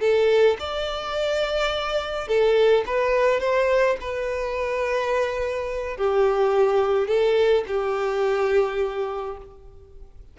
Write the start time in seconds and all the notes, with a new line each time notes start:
0.00 A4
0.59 D5
2.27 A4
2.86 B4
3.40 C5
4.00 B4
5.97 G4
7.07 A4
7.67 G4